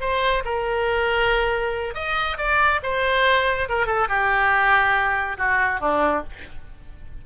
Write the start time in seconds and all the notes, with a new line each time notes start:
0.00 C5
0.45 A#4
1.94 D#5
2.37 D5
2.82 C5
3.69 A#4
3.86 A4
4.08 G4
5.37 F#4
5.80 D4